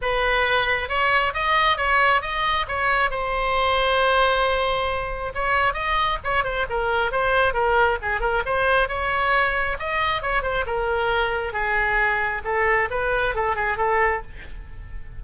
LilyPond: \new Staff \with { instrumentName = "oboe" } { \time 4/4 \tempo 4 = 135 b'2 cis''4 dis''4 | cis''4 dis''4 cis''4 c''4~ | c''1 | cis''4 dis''4 cis''8 c''8 ais'4 |
c''4 ais'4 gis'8 ais'8 c''4 | cis''2 dis''4 cis''8 c''8 | ais'2 gis'2 | a'4 b'4 a'8 gis'8 a'4 | }